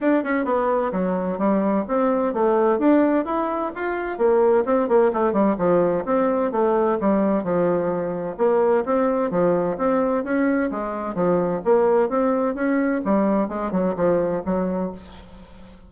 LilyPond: \new Staff \with { instrumentName = "bassoon" } { \time 4/4 \tempo 4 = 129 d'8 cis'8 b4 fis4 g4 | c'4 a4 d'4 e'4 | f'4 ais4 c'8 ais8 a8 g8 | f4 c'4 a4 g4 |
f2 ais4 c'4 | f4 c'4 cis'4 gis4 | f4 ais4 c'4 cis'4 | g4 gis8 fis8 f4 fis4 | }